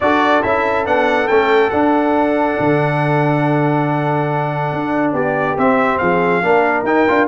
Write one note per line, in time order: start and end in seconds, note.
0.00 0.43 D4
0.00 0.42 F#4
0.00 5.14 A4
0.00 0.42 D5
0.42 0.86 C#4
0.42 0.85 E4
0.42 0.85 E5
0.85 1.29 B3
0.85 1.28 D4
0.85 1.27 F#5
1.27 1.72 A3
1.27 1.71 C#4
1.27 1.70 G5
1.70 5.57 D4
1.70 2.58 D4
1.70 5.12 F#5
2.59 4.71 D3
4.71 5.12 D4
5.12 5.55 B3
5.12 5.99 G4
5.12 5.58 D5
5.57 6.00 C4
5.57 6.42 C4
5.57 5.98 E5
5.98 6.42 F3
5.98 6.43 G#4
5.98 6.83 F5
6.42 6.83 A#3
6.42 6.85 D4
6.42 7.28 A#4
6.83 7.04 D#4
6.83 7.08 D#4
6.83 7.28 G5
7.08 7.28 D4
7.08 7.28 F4